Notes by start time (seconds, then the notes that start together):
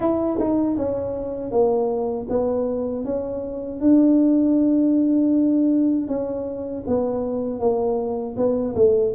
0.00 E4
0.39 D#4
0.76 C#4
1.51 A#3
2.29 B3
3.04 C#4
3.80 D4
6.07 C#4
6.86 B3
7.59 A#3
8.36 B3
8.75 A3